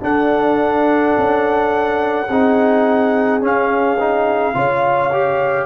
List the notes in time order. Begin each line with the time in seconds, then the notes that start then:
0.00 D4 A4 F#5
1.18 C#4
2.28 C4 D#4 G#4
3.41 C#4 F5
3.99 D#4
4.54 C#3 F4 C#5
5.12 G4